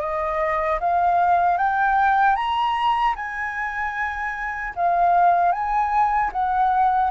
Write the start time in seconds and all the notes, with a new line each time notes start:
0.00 D#5
0.80 F5
1.58 G5
2.35 A#5
3.15 G#5
4.75 F5
5.52 G#5
6.32 F#5